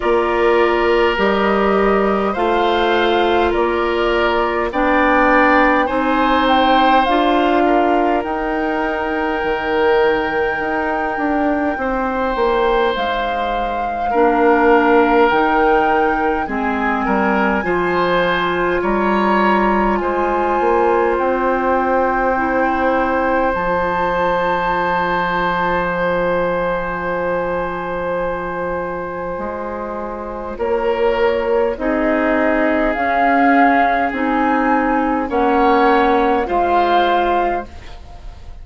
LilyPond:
<<
  \new Staff \with { instrumentName = "flute" } { \time 4/4 \tempo 4 = 51 d''4 dis''4 f''4 d''4 | g''4 gis''8 g''8 f''4 g''4~ | g''2. f''4~ | f''4 g''4 gis''2 |
ais''4 gis''4 g''2 | a''2 gis''2~ | gis''2 cis''4 dis''4 | f''4 gis''4 fis''4 f''4 | }
  \new Staff \with { instrumentName = "oboe" } { \time 4/4 ais'2 c''4 ais'4 | d''4 c''4. ais'4.~ | ais'2 c''2 | ais'2 gis'8 ais'8 c''4 |
cis''4 c''2.~ | c''1~ | c''2 ais'4 gis'4~ | gis'2 cis''4 c''4 | }
  \new Staff \with { instrumentName = "clarinet" } { \time 4/4 f'4 g'4 f'2 | d'4 dis'4 f'4 dis'4~ | dis'1 | d'4 dis'4 c'4 f'4~ |
f'2. e'4 | f'1~ | f'2. dis'4 | cis'4 dis'4 cis'4 f'4 | }
  \new Staff \with { instrumentName = "bassoon" } { \time 4/4 ais4 g4 a4 ais4 | b4 c'4 d'4 dis'4 | dis4 dis'8 d'8 c'8 ais8 gis4 | ais4 dis4 gis8 g8 f4 |
g4 gis8 ais8 c'2 | f1~ | f4 gis4 ais4 c'4 | cis'4 c'4 ais4 gis4 | }
>>